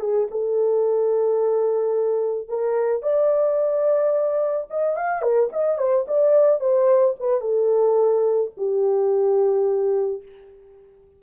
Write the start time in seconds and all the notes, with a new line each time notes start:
0.00 G#4
0.31 A4
2.48 A#4
3.02 D5
4.70 D#5
4.96 F5
5.22 A#4
5.52 D#5
5.78 C5
6.08 D5
6.60 C5
7.20 B4
7.41 A4
8.57 G4